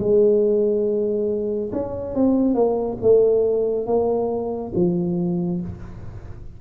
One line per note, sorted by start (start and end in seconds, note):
0.00 1.71 G#3
1.73 2.15 C#4
2.15 2.55 C4
2.55 2.98 A#3
3.02 3.87 A3
3.87 4.73 A#3
4.75 5.61 F3